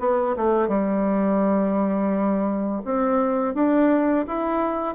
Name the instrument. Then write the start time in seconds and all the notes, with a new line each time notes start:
bassoon
0.00 B3
0.37 A3
0.68 G3
2.85 C4
3.55 D4
4.27 E4